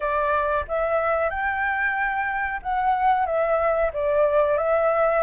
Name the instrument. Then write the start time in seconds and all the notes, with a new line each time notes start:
flute
0.00 D5
0.68 E5
1.30 G5
2.62 F#5
3.26 E5
3.93 D5
4.57 E5